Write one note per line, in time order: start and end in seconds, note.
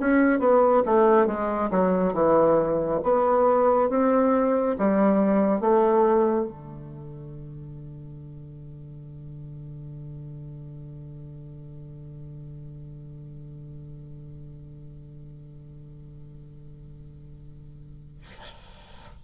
0.00 0.40 C#4
0.40 0.83 B3
0.85 1.26 A3
1.26 1.70 G#3
1.71 2.13 F#3
2.13 3.00 E3
3.03 3.89 B3
3.89 4.76 C4
4.78 5.61 G3
5.61 6.48 A3
6.48 18.22 D3